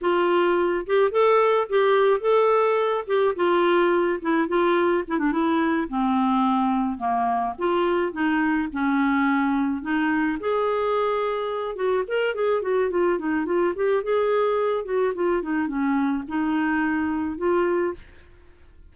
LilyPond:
\new Staff \with { instrumentName = "clarinet" } { \time 4/4 \tempo 4 = 107 f'4. g'8 a'4 g'4 | a'4. g'8 f'4. e'8 | f'4 e'16 d'16 e'4 c'4.~ | c'8 ais4 f'4 dis'4 cis'8~ |
cis'4. dis'4 gis'4.~ | gis'4 fis'8 ais'8 gis'8 fis'8 f'8 dis'8 | f'8 g'8 gis'4. fis'8 f'8 dis'8 | cis'4 dis'2 f'4 | }